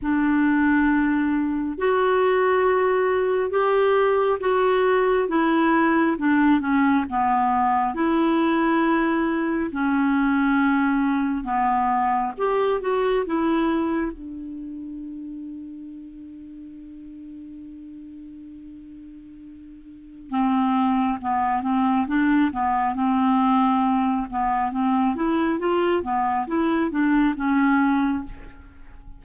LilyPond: \new Staff \with { instrumentName = "clarinet" } { \time 4/4 \tempo 4 = 68 d'2 fis'2 | g'4 fis'4 e'4 d'8 cis'8 | b4 e'2 cis'4~ | cis'4 b4 g'8 fis'8 e'4 |
d'1~ | d'2. c'4 | b8 c'8 d'8 b8 c'4. b8 | c'8 e'8 f'8 b8 e'8 d'8 cis'4 | }